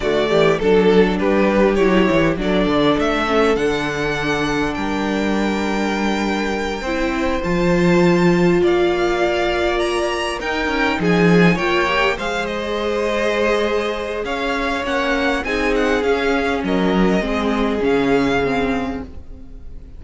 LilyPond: <<
  \new Staff \with { instrumentName = "violin" } { \time 4/4 \tempo 4 = 101 d''4 a'4 b'4 cis''4 | d''4 e''4 fis''2 | g''1~ | g''8 a''2 f''4.~ |
f''8 ais''4 g''4 gis''4 g''8~ | g''8 f''8 dis''2. | f''4 fis''4 gis''8 fis''8 f''4 | dis''2 f''2 | }
  \new Staff \with { instrumentName = "violin" } { \time 4/4 fis'8 g'8 a'4 g'2 | a'1 | ais'2.~ ais'8 c''8~ | c''2~ c''8 d''4.~ |
d''4. ais'4 gis'4 cis''8~ | cis''8 c''2.~ c''8 | cis''2 gis'2 | ais'4 gis'2. | }
  \new Staff \with { instrumentName = "viola" } { \time 4/4 a4 d'2 e'4 | d'4. cis'8 d'2~ | d'2.~ d'8 e'8~ | e'8 f'2.~ f'8~ |
f'4. dis'2 f'8 | g'8 gis'2.~ gis'8~ | gis'4 cis'4 dis'4 cis'4~ | cis'4 c'4 cis'4 c'4 | }
  \new Staff \with { instrumentName = "cello" } { \time 4/4 d8 e8 fis4 g4 fis8 e8 | fis8 d8 a4 d2 | g2.~ g8 c'8~ | c'8 f2 ais4.~ |
ais4. dis'8 cis'8 f4 ais8~ | ais8 gis2.~ gis8 | cis'4 ais4 c'4 cis'4 | fis4 gis4 cis2 | }
>>